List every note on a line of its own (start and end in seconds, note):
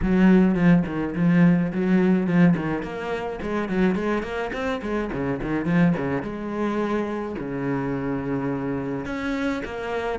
0.02 0.55 F#3
0.55 0.83 F3
0.86 1.14 D#3
1.15 1.72 F3
1.72 2.26 F#3
2.26 2.55 F3
2.56 2.82 D#3
2.82 3.39 A#3
3.42 3.68 G#3
3.68 3.95 F#3
3.95 4.22 G#3
4.22 4.51 A#3
4.52 4.81 C4
4.82 5.10 G#3
5.12 5.40 C#3
5.42 5.65 D#3
5.65 5.93 F3
5.97 6.22 C#3
6.22 7.35 G#3
7.38 9.05 C#3
9.05 9.62 C#4
9.64 10.19 A#3